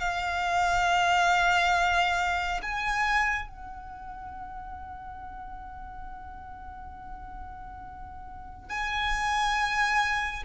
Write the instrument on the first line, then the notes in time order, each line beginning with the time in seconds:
violin
0.00 F5
2.62 G#5
3.49 F#5
8.69 G#5